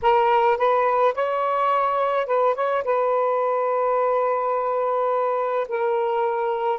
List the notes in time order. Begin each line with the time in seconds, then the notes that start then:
0.02 A#4
0.57 B4
1.14 C#5
2.26 B4
2.55 C#5
2.84 B4
5.68 A#4